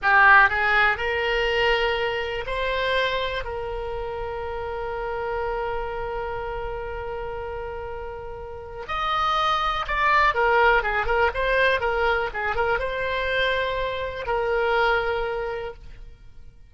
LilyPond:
\new Staff \with { instrumentName = "oboe" } { \time 4/4 \tempo 4 = 122 g'4 gis'4 ais'2~ | ais'4 c''2 ais'4~ | ais'1~ | ais'1~ |
ais'2 dis''2 | d''4 ais'4 gis'8 ais'8 c''4 | ais'4 gis'8 ais'8 c''2~ | c''4 ais'2. | }